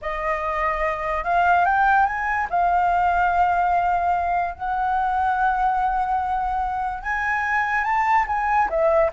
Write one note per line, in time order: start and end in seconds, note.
0.01 1.24 D#5
1.24 1.65 F5
1.65 2.06 G5
2.06 2.47 G#5
2.50 4.55 F5
4.55 7.02 F#5
7.02 7.83 G#5
7.83 8.25 A5
8.27 8.68 G#5
8.69 9.11 E5